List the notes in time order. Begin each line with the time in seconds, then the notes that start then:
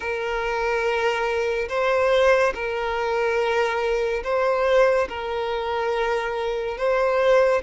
0.00 A#4
1.69 C5
2.54 A#4
4.23 C5
5.09 A#4
6.77 C5